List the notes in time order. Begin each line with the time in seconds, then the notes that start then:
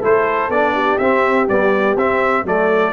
0.00 A3 E4 A4 C5
0.49 B3 D4 D5
0.73 G4
0.98 C4 E5
1.48 G3 B3 D5
1.96 C4 E5
2.44 F#3 A3 A4 D5